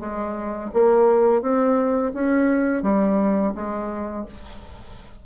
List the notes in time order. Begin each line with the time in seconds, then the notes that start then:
0.00 G#3
0.73 A#3
1.42 C4
2.14 C#4
2.82 G3
3.55 G#3